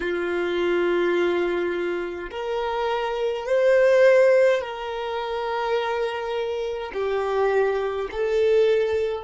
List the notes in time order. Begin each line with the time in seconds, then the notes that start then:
0.00 F4
2.30 A#4
3.46 C5
4.61 A#4
6.93 G4
8.11 A4